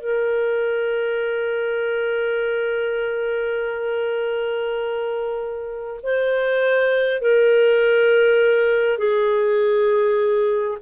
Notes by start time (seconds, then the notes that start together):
0.00 A#4
6.03 C5
7.21 A#4
8.98 G#4